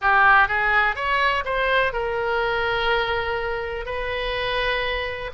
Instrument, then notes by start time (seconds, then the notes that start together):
oboe
0.01 G4
0.48 G#4
0.95 C#5
1.45 C5
1.92 A#4
3.85 B4